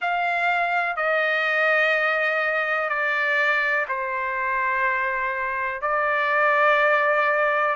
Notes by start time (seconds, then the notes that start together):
0.00 F5
0.96 D#5
2.89 D5
3.88 C5
5.81 D5